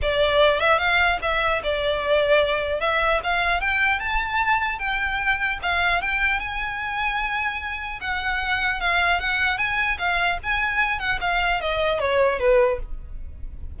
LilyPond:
\new Staff \with { instrumentName = "violin" } { \time 4/4 \tempo 4 = 150 d''4. e''8 f''4 e''4 | d''2. e''4 | f''4 g''4 a''2 | g''2 f''4 g''4 |
gis''1 | fis''2 f''4 fis''4 | gis''4 f''4 gis''4. fis''8 | f''4 dis''4 cis''4 b'4 | }